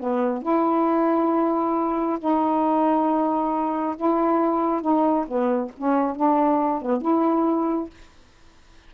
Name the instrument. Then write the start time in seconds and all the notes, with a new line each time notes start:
saxophone
0.00 B3
0.43 E4
2.20 D#4
3.97 E4
4.82 D#4
5.28 B3
5.78 C#4
6.16 D4
6.82 B3
7.02 E4